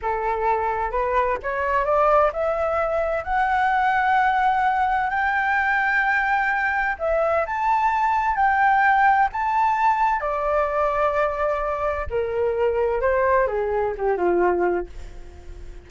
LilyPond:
\new Staff \with { instrumentName = "flute" } { \time 4/4 \tempo 4 = 129 a'2 b'4 cis''4 | d''4 e''2 fis''4~ | fis''2. g''4~ | g''2. e''4 |
a''2 g''2 | a''2 d''2~ | d''2 ais'2 | c''4 gis'4 g'8 f'4. | }